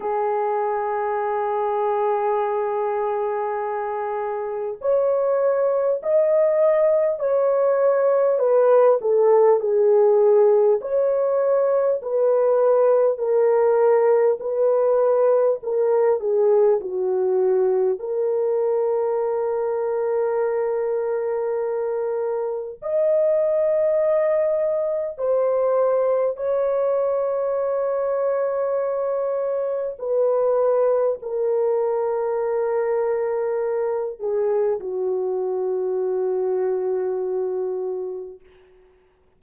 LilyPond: \new Staff \with { instrumentName = "horn" } { \time 4/4 \tempo 4 = 50 gis'1 | cis''4 dis''4 cis''4 b'8 a'8 | gis'4 cis''4 b'4 ais'4 | b'4 ais'8 gis'8 fis'4 ais'4~ |
ais'2. dis''4~ | dis''4 c''4 cis''2~ | cis''4 b'4 ais'2~ | ais'8 gis'8 fis'2. | }